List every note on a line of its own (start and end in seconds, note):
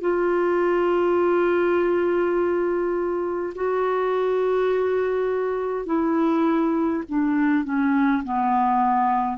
0.00 3.53 F4
3.55 5.85 F#4
5.85 7.03 E4
7.08 7.64 D4
7.64 8.22 C#4
8.24 9.37 B3